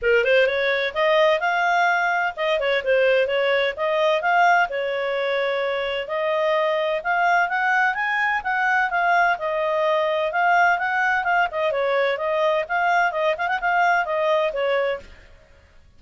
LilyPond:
\new Staff \with { instrumentName = "clarinet" } { \time 4/4 \tempo 4 = 128 ais'8 c''8 cis''4 dis''4 f''4~ | f''4 dis''8 cis''8 c''4 cis''4 | dis''4 f''4 cis''2~ | cis''4 dis''2 f''4 |
fis''4 gis''4 fis''4 f''4 | dis''2 f''4 fis''4 | f''8 dis''8 cis''4 dis''4 f''4 | dis''8 f''16 fis''16 f''4 dis''4 cis''4 | }